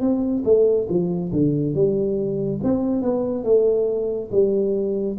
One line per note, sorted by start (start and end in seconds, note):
0.00 0.43 C4
0.44 0.87 A3
0.89 1.32 F3
1.32 1.74 D3
1.74 2.60 G3
2.63 3.02 C4
3.02 3.44 B3
3.44 4.29 A3
4.31 5.17 G3